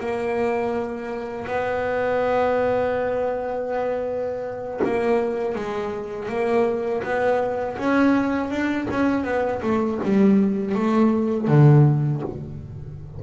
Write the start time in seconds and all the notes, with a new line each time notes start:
0.00 A#3
1.47 B3
4.85 A#3
5.56 G#3
6.29 A#3
7.04 B3
7.79 C#4
8.51 D4
8.91 C#4
9.25 B3
9.63 A3
10.04 G3
10.75 A3
11.48 D3